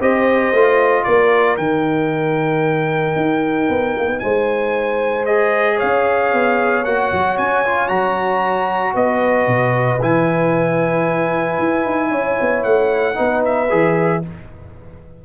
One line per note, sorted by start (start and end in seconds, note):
0.00 0.52 C4
0.00 0.54 G4
0.00 1.05 C5
0.00 1.04 D#5
0.52 1.05 A3
0.52 1.58 F4
1.04 1.58 A#3
1.04 4.22 A#4
1.04 1.56 D5
1.57 3.16 D#3
1.57 5.27 D#4
1.57 4.19 G5
3.16 3.68 D#4
3.69 3.95 B3
3.97 4.07 A#3
4.07 4.20 B3
4.19 5.82 G#3
4.19 5.76 C5
4.19 5.25 G#5
5.25 6.84 G#4
5.25 5.78 D#5
5.76 8.92 C#5
5.76 6.85 F5
5.83 6.33 C#4
6.33 6.85 B3
6.85 7.12 A#3
6.85 7.65 F#4
6.85 7.37 F#5
7.12 7.38 F#3
7.37 7.90 C#4
7.37 7.88 G#5
7.65 7.88 F4
7.88 8.95 F#3
7.88 9.99 F#4
7.88 8.93 A#5
8.94 9.47 B3
8.94 12.09 B4
8.94 10.01 D#5
9.47 10.00 B2
10.01 11.59 E3
10.01 13.15 E4
10.01 12.63 G#5
11.59 11.85 E4
11.85 12.11 D#4
12.11 12.37 C#4
12.11 13.16 C#5
12.40 12.64 B3
12.63 13.17 A3
12.63 13.42 F#5
13.15 13.72 B3
13.15 13.67 D#4
13.15 14.22 B4
13.45 14.24 E5
13.70 14.24 E3
13.70 14.22 G#4